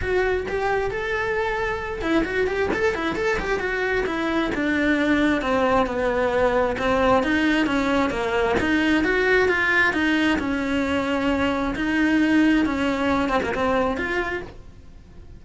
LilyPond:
\new Staff \with { instrumentName = "cello" } { \time 4/4 \tempo 4 = 133 fis'4 g'4 a'2~ | a'8 e'8 fis'8 g'8 a'8 e'8 a'8 g'8 | fis'4 e'4 d'2 | c'4 b2 c'4 |
dis'4 cis'4 ais4 dis'4 | fis'4 f'4 dis'4 cis'4~ | cis'2 dis'2 | cis'4. c'16 ais16 c'4 f'4 | }